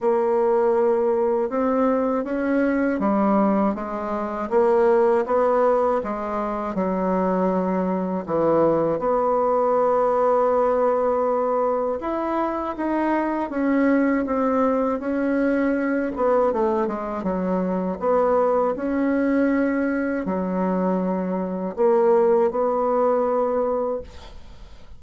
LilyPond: \new Staff \with { instrumentName = "bassoon" } { \time 4/4 \tempo 4 = 80 ais2 c'4 cis'4 | g4 gis4 ais4 b4 | gis4 fis2 e4 | b1 |
e'4 dis'4 cis'4 c'4 | cis'4. b8 a8 gis8 fis4 | b4 cis'2 fis4~ | fis4 ais4 b2 | }